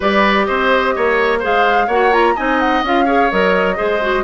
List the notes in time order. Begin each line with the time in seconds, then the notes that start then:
0.00 G3 G4 B4 D5
0.45 C4 C5 D#5
0.95 A#3 C#5
1.39 G#4 C5 F5
1.45 G#3
1.86 A#3 F#4 C#5 F#5
2.11 F4 A#5
2.35 C4 D#4 D#5 G#5
2.60 F#5
2.82 C#4 F4 F5
3.05 G#4 C#5
3.30 F#3 A#4 D#5
3.76 G#3 G#4 C5
4.01 F#4